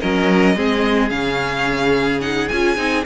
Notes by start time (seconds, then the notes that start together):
0.00 F#3 C#4 A#4 D#5
0.56 G#3 C4 G#4
1.09 C#3 C#4 F5
2.21 D#4 F#5
2.48 C#4 F4 G#5
2.76 C4 D#4